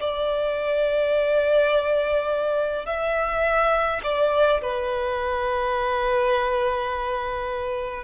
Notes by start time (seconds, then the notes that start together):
0.00 D5
2.86 E5
4.03 D5
4.61 B4